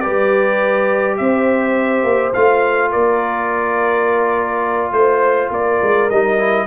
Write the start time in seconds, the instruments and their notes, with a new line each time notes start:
0.00 tuba G3, trombone G4, horn B4, trumpet D5
1.17 tuba C4, horn C5, trumpet E5
2.03 tuba A#3
2.33 tuba A3, trombone F4, trumpet F5
2.91 tuba A#3, horn A#4, trumpet D5
4.91 tuba A3, trumpet C5, horn C5
5.50 tuba A#3, horn A#4, trumpet D5
5.82 tuba G#3
6.10 tuba G3, trombone D#4, trumpet D#5
6.38 trombone E4